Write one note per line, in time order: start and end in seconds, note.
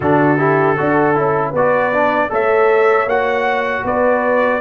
0.00 0.77 D3
0.00 0.37 D4
0.00 0.38 F#4
0.00 1.51 A4
0.37 0.76 E4
0.37 0.75 G4
0.75 1.17 D4
0.75 1.15 F#4
0.75 1.50 A4
1.15 1.53 C#4
1.15 1.53 E4
1.50 2.30 B3
1.50 2.26 B4
1.50 2.32 D5
1.56 1.93 F#4
1.93 2.29 D4
2.29 3.06 A3
2.29 3.06 A4
2.29 3.84 C#5
2.29 3.08 E5
3.06 3.83 A#3
3.06 4.60 F#4
3.06 3.85 F#5
3.84 4.60 B3
3.84 4.60 B4
3.84 4.60 D5